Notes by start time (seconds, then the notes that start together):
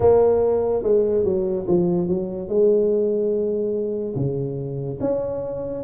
0.00 A#3
0.83 G#3
1.24 F#3
1.67 F3
2.08 F#3
2.48 G#3
4.15 C#3
5.00 C#4